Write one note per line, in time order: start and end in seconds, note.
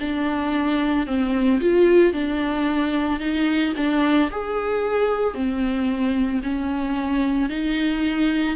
0.00 1.06 D4
1.06 1.60 C4
1.60 2.13 F4
2.13 3.20 D4
3.20 3.74 D#4
3.76 4.30 D4
4.31 5.34 G#4
5.34 6.41 C4
6.43 7.49 C#4
7.49 8.56 D#4